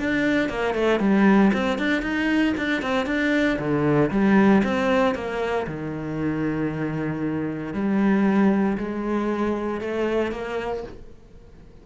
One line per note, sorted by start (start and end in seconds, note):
0.00 0.50 D4
0.50 0.75 A#3
0.75 1.00 A3
1.00 1.52 G3
1.54 1.79 C4
1.79 2.03 D4
2.03 2.54 D#4
2.58 2.82 D4
2.82 3.07 C4
3.07 3.58 D4
3.59 4.11 D3
4.11 4.63 G3
4.65 5.15 C4
5.15 5.67 A#3
5.67 7.74 D#3
7.74 8.78 G3
8.78 9.81 G#3
9.81 10.32 A3
10.32 10.84 A#3